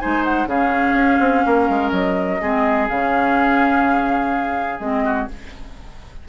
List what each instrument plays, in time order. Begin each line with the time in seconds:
0.00 bassoon G#3, clarinet D#4, oboe C5, flute G#5
0.25 flute F#5
0.47 bassoon C#3, clarinet C#4, oboe G#4, flute F5
0.94 bassoon C#4
1.20 bassoon C4
1.46 bassoon A#3, oboe A#4
1.70 bassoon G#3
1.91 bassoon F#3, flute D#5
2.42 bassoon G#3, clarinet C4, oboe G#4
2.89 bassoon C#3, clarinet C#4, flute F5
4.80 bassoon G#3, clarinet C4, flute D#5
5.05 oboe F#4